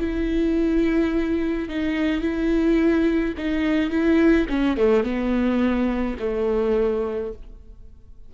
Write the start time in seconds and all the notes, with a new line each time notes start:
0.00 E4
1.69 D#4
2.21 E4
3.38 D#4
3.91 E4
4.49 C#4
4.78 A3
5.04 B3
6.20 A3